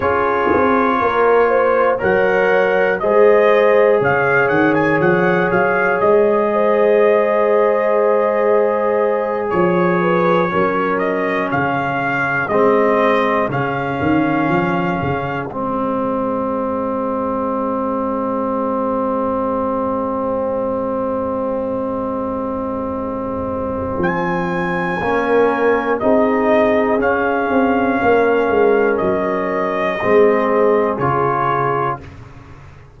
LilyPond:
<<
  \new Staff \with { instrumentName = "trumpet" } { \time 4/4 \tempo 4 = 60 cis''2 fis''4 dis''4 | f''8 fis''16 gis''16 fis''8 f''8 dis''2~ | dis''4. cis''4. dis''8 f''8~ | f''8 dis''4 f''2 dis''8~ |
dis''1~ | dis''1 | gis''2 dis''4 f''4~ | f''4 dis''2 cis''4 | }
  \new Staff \with { instrumentName = "horn" } { \time 4/4 gis'4 ais'8 c''8 cis''4 c''4 | cis''2~ cis''8 c''4.~ | c''4. cis''8 b'8 ais'4 gis'8~ | gis'1~ |
gis'1~ | gis'1~ | gis'4 ais'4 gis'2 | ais'2 gis'2 | }
  \new Staff \with { instrumentName = "trombone" } { \time 4/4 f'2 ais'4 gis'4~ | gis'1~ | gis'2~ gis'8 cis'4.~ | cis'8 c'4 cis'2 c'8~ |
c'1~ | c'1~ | c'4 cis'4 dis'4 cis'4~ | cis'2 c'4 f'4 | }
  \new Staff \with { instrumentName = "tuba" } { \time 4/4 cis'8 c'8 ais4 fis4 gis4 | cis8 dis8 f8 fis8 gis2~ | gis4. f4 fis4 cis8~ | cis8 gis4 cis8 dis8 f8 cis8 gis8~ |
gis1~ | gis1 | f4 ais4 c'4 cis'8 c'8 | ais8 gis8 fis4 gis4 cis4 | }
>>